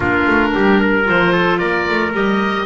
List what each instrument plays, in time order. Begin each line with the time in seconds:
0.00 double bass A#3, clarinet D4, trumpet F4, oboe A#4
0.26 double bass A3
0.54 double bass G3, trumpet G4
0.80 trumpet A#4
1.04 double bass F3, clarinet F4, oboe C5
1.32 trumpet A4
1.58 double bass A#3, trumpet A#4, oboe D5
1.89 double bass A3
2.13 double bass G3, clarinet G4, oboe D#5